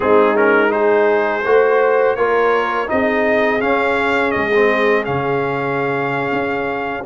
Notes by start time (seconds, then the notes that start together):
0.00 G#3 C4 D#4 G#4
0.35 C#4 A#4
0.69 D#4 G#4 C5
1.45 A3 F#4 C5
2.15 A#3 F4 A#4 C#5
2.87 C4 D#4 G#4 D#5
3.60 C#4 F5
4.31 G#3 D#5
4.54 C4
5.05 C#3 C#4 F5
6.31 C#4